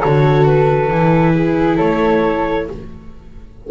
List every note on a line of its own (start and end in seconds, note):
0.00 0.91 D3
0.00 0.92 F#4
0.00 1.34 A4
0.00 0.46 C#5
0.46 1.79 B4
0.91 1.80 E3
0.91 2.71 E4
1.35 1.77 G#4
1.77 2.69 A3
1.77 2.67 A4
1.77 2.68 C#5